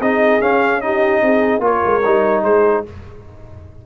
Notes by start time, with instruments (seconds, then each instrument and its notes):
0.00 tuba C4, trombone D#4, horn G#4, trumpet D#5
0.41 trombone C#4, tuba C#4, trumpet F5
0.81 trombone D#4, horn G4, trumpet D#5
1.22 tuba C4, horn G#4
1.59 tuba A#3, trombone F4, horn A#4, trumpet C#5
1.86 tuba G#3
2.05 tuba G3, trombone D#4
2.44 tuba G#3, horn G#4, trumpet C5